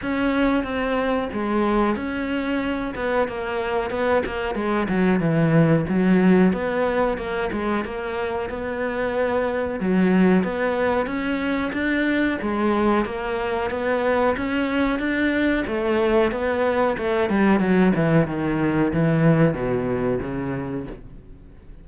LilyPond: \new Staff \with { instrumentName = "cello" } { \time 4/4 \tempo 4 = 92 cis'4 c'4 gis4 cis'4~ | cis'8 b8 ais4 b8 ais8 gis8 fis8 | e4 fis4 b4 ais8 gis8 | ais4 b2 fis4 |
b4 cis'4 d'4 gis4 | ais4 b4 cis'4 d'4 | a4 b4 a8 g8 fis8 e8 | dis4 e4 b,4 cis4 | }